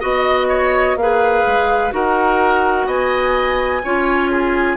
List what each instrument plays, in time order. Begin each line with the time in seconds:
0.00 bassoon B3, clarinet F#4, oboe D#5, flute D#5
0.49 oboe C#5
0.96 bassoon A#3, clarinet G#4, flute F5
1.03 oboe B4
1.47 bassoon G#3
1.91 bassoon D#4, clarinet F#4, oboe A#4, flute F#5
2.87 bassoon B3, oboe D#5, flute G#5
3.84 bassoon C#4, clarinet F4, oboe C#5
4.32 oboe G#4